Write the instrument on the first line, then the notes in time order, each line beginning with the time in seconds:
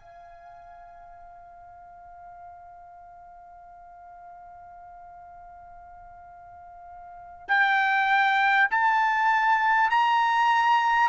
trumpet
0.00 F5
7.48 G5
8.71 A5
9.90 A#5